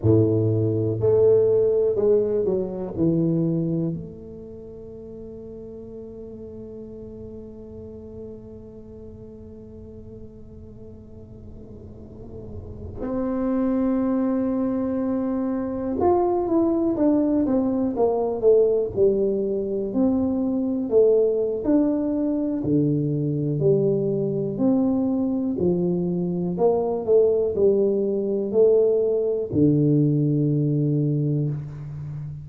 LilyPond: \new Staff \with { instrumentName = "tuba" } { \time 4/4 \tempo 4 = 61 a,4 a4 gis8 fis8 e4 | a1~ | a1~ | a4~ a16 c'2~ c'8.~ |
c'16 f'8 e'8 d'8 c'8 ais8 a8 g8.~ | g16 c'4 a8. d'4 d4 | g4 c'4 f4 ais8 a8 | g4 a4 d2 | }